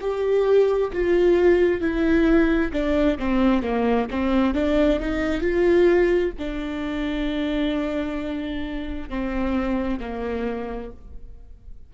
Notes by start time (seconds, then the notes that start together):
0.00 G4
0.92 F4
1.81 E4
2.72 D4
3.18 C4
3.62 A#3
4.10 C4
4.54 D4
4.99 D#4
5.40 F4
6.38 D4
9.09 C4
10.00 A#3